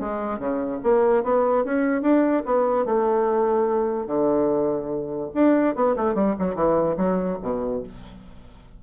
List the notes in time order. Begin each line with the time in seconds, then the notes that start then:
0.00 G#3
0.39 C#3
0.84 A#3
1.24 B3
1.65 C#4
2.02 D4
2.46 B3
2.86 A3
4.07 D3
5.35 D4
5.76 B3
5.96 A3
6.15 G3
6.39 F#3
6.55 E3
6.98 F#3
7.42 B2